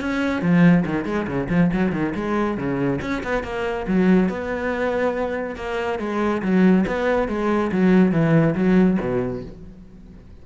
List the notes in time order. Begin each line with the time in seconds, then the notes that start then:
0.00 C#4
0.41 F3
0.85 D#3
1.05 G#3
1.27 C#3
1.49 F3
1.72 F#3
1.92 D#3
2.15 G#3
2.57 C#3
3.01 C#4
3.23 B3
3.43 A#3
3.87 F#3
4.29 B3
5.56 A#3
5.99 G#3
6.42 F#3
6.86 B3
7.28 G#3
7.71 F#3
8.11 E3
8.55 F#3
9.00 B2